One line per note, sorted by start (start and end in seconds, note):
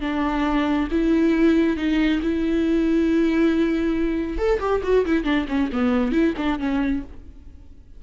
0.00 0.88 D4
0.91 1.76 E4
1.76 2.20 D#4
2.22 4.38 E4
4.38 4.59 A4
4.60 4.82 G4
4.83 5.05 F#4
5.05 5.24 E4
5.24 5.46 D4
5.48 5.70 C#4
5.72 6.12 B3
6.12 6.34 E4
6.37 6.59 D4
6.59 7.03 C#4